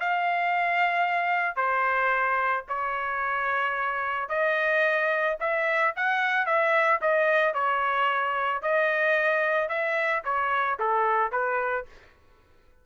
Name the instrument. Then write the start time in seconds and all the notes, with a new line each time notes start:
trumpet
0.00 F5
1.56 C5
2.68 C#5
4.29 D#5
5.40 E5
5.96 F#5
6.46 E5
7.01 D#5
7.54 C#5
8.62 D#5
9.69 E5
10.24 C#5
10.79 A4
11.32 B4